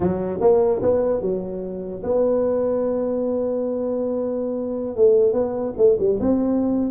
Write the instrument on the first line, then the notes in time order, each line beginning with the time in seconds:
tuba
0.00 F#3
0.41 A#3
0.82 B3
1.21 F#3
2.03 B3
4.96 A3
5.32 B3
5.77 A3
5.99 G3
6.20 C4